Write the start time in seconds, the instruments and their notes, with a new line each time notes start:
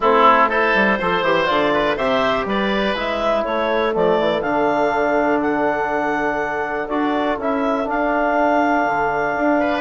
0.00 bassoon A3, trombone C4, oboe E4, clarinet A4
0.48 trombone E4, oboe A4, clarinet C5
0.74 bassoon G3
0.99 bassoon F3, trombone A4, oboe C5
1.22 bassoon E3, trombone G4
1.46 bassoon D3, trombone F4, clarinet D5
1.73 oboe B4
1.97 bassoon C3, trombone G4, oboe C5, clarinet E5
2.45 bassoon G3, oboe B4, clarinet D5
2.95 bassoon G#3, trombone E4, clarinet E5
3.44 bassoon A3, oboe A4, clarinet C#5
3.92 bassoon F3, trombone A3, clarinet D5
4.19 bassoon E3
4.41 bassoon D3, trombone D4, clarinet F5
5.41 clarinet F#5
6.88 bassoon D4, trombone F#4, clarinet D5
7.37 bassoon C#4, trombone E4, clarinet E5
7.85 trombone D4, bassoon D4, clarinet F5
8.85 bassoon D3
9.36 bassoon D4
9.59 oboe B4